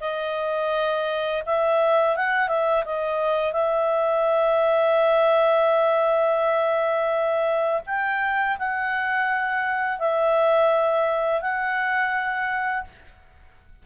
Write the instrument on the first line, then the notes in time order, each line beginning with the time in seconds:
clarinet
0.00 D#5
1.45 E5
2.16 F#5
2.48 E5
2.85 D#5
3.52 E5
7.86 G5
8.58 F#5
9.99 E5
11.41 F#5